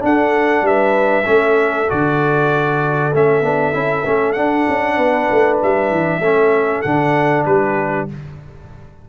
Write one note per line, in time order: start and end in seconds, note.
0.00 1.24 D4
0.00 0.62 D4
0.00 0.65 A4
0.00 0.67 F#5
0.62 1.24 G3
0.62 1.27 B4
0.62 1.90 E5
1.26 1.89 A3
1.26 1.88 C#4
1.26 4.95 A4
1.89 3.14 D3
1.89 3.12 F#4
1.89 3.14 D5
3.14 3.41 A3
3.14 3.44 C#4
3.14 4.33 E5
3.41 3.72 B3
3.41 3.73 D4
3.73 4.05 C#4
3.73 4.04 E4
4.06 4.36 A3
4.06 4.36 C#4
4.33 4.67 D4
4.33 6.22 D4
4.33 5.56 F#5
4.69 4.98 C#4
4.95 5.29 B3
4.95 6.19 B4
5.31 5.62 A3
5.63 5.91 G3
5.63 6.82 E5
5.91 6.20 E3
6.20 6.81 A3
6.20 6.85 C#4
6.20 7.47 A4
6.82 7.46 D3
6.82 8.09 D4
6.82 7.44 F#5
7.45 8.08 G3
7.45 8.09 G4
7.45 8.07 B4